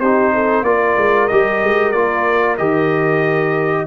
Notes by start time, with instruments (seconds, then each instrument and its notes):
0.00 tuba C4, trombone D#4, horn G4, trumpet C5
0.34 horn A4
0.62 tuba A#3, trombone F4, horn A#4, trumpet D5
0.97 tuba G#3
1.28 tuba G3, trombone G4, trumpet D#5
1.64 tuba G#3
1.92 tuba A#3, trombone F4, trumpet D5
2.57 tuba D#3, trombone G4, trumpet D#5